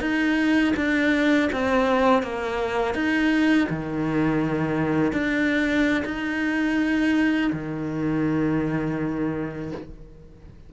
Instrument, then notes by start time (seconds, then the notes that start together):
cello
0.00 D#4
0.76 D4
1.52 C4
2.22 A#3
2.94 D#4
3.70 D#3
5.12 D4
6.05 D#4
7.52 D#3